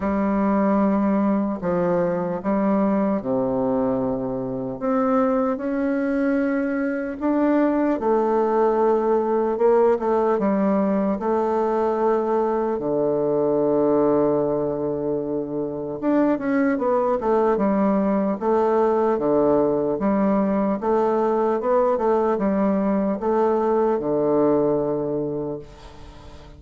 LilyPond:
\new Staff \with { instrumentName = "bassoon" } { \time 4/4 \tempo 4 = 75 g2 f4 g4 | c2 c'4 cis'4~ | cis'4 d'4 a2 | ais8 a8 g4 a2 |
d1 | d'8 cis'8 b8 a8 g4 a4 | d4 g4 a4 b8 a8 | g4 a4 d2 | }